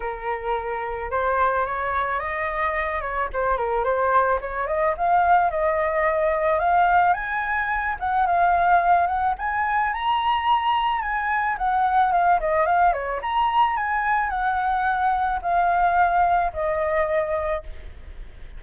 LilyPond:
\new Staff \with { instrumentName = "flute" } { \time 4/4 \tempo 4 = 109 ais'2 c''4 cis''4 | dis''4. cis''8 c''8 ais'8 c''4 | cis''8 dis''8 f''4 dis''2 | f''4 gis''4. fis''8 f''4~ |
f''8 fis''8 gis''4 ais''2 | gis''4 fis''4 f''8 dis''8 f''8 cis''8 | ais''4 gis''4 fis''2 | f''2 dis''2 | }